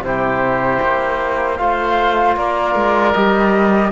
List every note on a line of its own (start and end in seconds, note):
0.00 0.78 C3
0.00 1.59 E4
0.00 1.57 C5
0.07 1.62 G4
0.82 1.60 A#3
1.57 2.37 A3
1.57 3.14 F4
1.57 2.38 C5
1.57 2.35 F5
2.37 2.75 A#3
2.37 3.92 A#4
2.37 3.13 D5
2.75 3.14 G#3
3.13 3.92 G3
3.13 3.92 G4
3.13 3.91 D#5